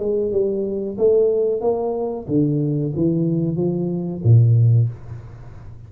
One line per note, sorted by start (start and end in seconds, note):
0.00 0.32 G#3
0.32 0.98 G3
0.98 1.62 A3
1.62 2.27 A#3
2.28 2.93 D3
2.96 3.57 E3
3.57 4.22 F3
4.24 4.89 A#2